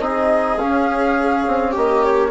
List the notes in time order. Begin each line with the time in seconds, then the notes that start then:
0.00 C4 D#4 G#4 D#5
0.58 C#4 F5
1.47 C4
1.71 A#3 G4 D#5
2.04 C#5